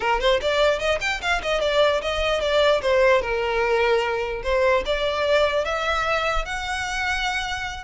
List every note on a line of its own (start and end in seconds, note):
0.00 0.20 A#4
0.20 0.40 C5
0.41 0.79 D5
0.79 0.99 D#5
1.01 1.21 G5
1.21 1.41 F5
1.42 1.61 D#5
1.61 2.01 D5
2.01 2.41 D#5
2.41 2.81 D5
2.81 3.21 C5
3.21 4.42 A#4
4.43 4.83 C5
4.85 5.64 D5
5.64 6.45 E5
6.45 7.84 F#5